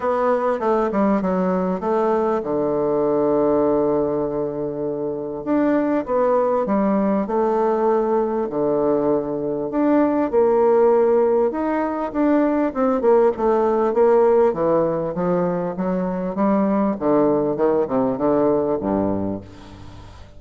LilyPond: \new Staff \with { instrumentName = "bassoon" } { \time 4/4 \tempo 4 = 99 b4 a8 g8 fis4 a4 | d1~ | d4 d'4 b4 g4 | a2 d2 |
d'4 ais2 dis'4 | d'4 c'8 ais8 a4 ais4 | e4 f4 fis4 g4 | d4 dis8 c8 d4 g,4 | }